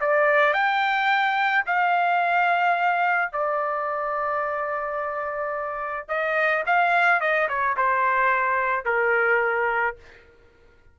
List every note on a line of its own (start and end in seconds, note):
0.00 0.53 D5
0.53 1.64 G5
1.66 3.32 F5
3.32 6.08 D5
6.08 6.63 D#5
6.66 7.20 F5
7.20 7.48 D#5
7.48 7.76 C#5
7.76 8.85 C5
8.85 9.96 A#4